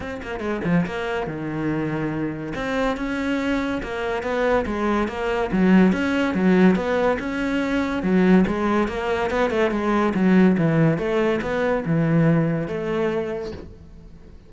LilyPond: \new Staff \with { instrumentName = "cello" } { \time 4/4 \tempo 4 = 142 c'8 ais8 gis8 f8 ais4 dis4~ | dis2 c'4 cis'4~ | cis'4 ais4 b4 gis4 | ais4 fis4 cis'4 fis4 |
b4 cis'2 fis4 | gis4 ais4 b8 a8 gis4 | fis4 e4 a4 b4 | e2 a2 | }